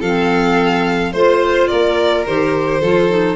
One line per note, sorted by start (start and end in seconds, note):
0.00 1.14 F3
0.00 1.15 C4
0.00 1.12 A4
0.00 1.13 F5
1.13 1.70 A3
1.13 2.27 F4
1.13 1.68 C5
1.13 1.70 C5
1.68 2.28 A#3
1.68 2.81 A#4
1.68 2.24 D5
2.27 2.82 D#3
2.27 2.83 G4
2.27 3.37 C5
2.81 3.37 F3
2.81 3.10 F4
2.81 3.37 A4
3.10 3.37 D#4